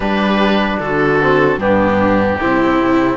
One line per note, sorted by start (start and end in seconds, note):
0.00 0.77 G3
0.00 1.19 D4
0.00 0.80 G4
0.00 0.79 B4
0.79 1.57 D3
0.79 1.59 F#4
0.79 1.59 A4
1.21 1.59 C4
1.57 2.37 G2
1.57 2.39 B3
1.57 2.39 D4
1.57 3.17 G4
2.40 3.17 C3
2.40 3.17 C4
2.40 3.17 E4